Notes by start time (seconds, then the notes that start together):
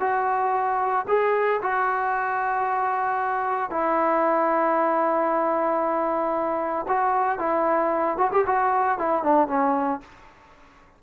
0.00 F#4
1.08 G#4
1.62 F#4
3.70 E4
6.88 F#4
7.39 E4
8.17 F#4
8.31 G4
8.46 F#4
8.98 E4
9.23 D4
9.47 C#4